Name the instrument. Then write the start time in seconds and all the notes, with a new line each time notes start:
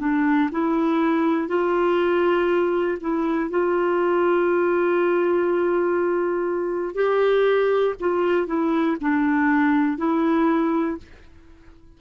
clarinet
0.00 D4
0.52 E4
1.48 F4
3.01 E4
3.50 F4
6.95 G4
8.00 F4
8.47 E4
9.01 D4
9.98 E4